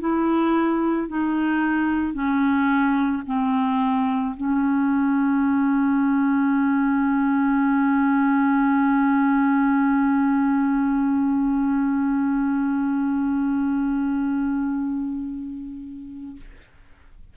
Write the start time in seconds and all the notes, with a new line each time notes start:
0.00 E4
1.08 D#4
2.14 C#4
3.26 C4
4.36 C#4